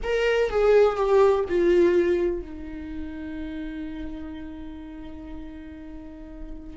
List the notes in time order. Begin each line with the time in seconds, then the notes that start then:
0.03 A#4
0.50 G#4
0.96 G4
1.48 F4
2.41 D#4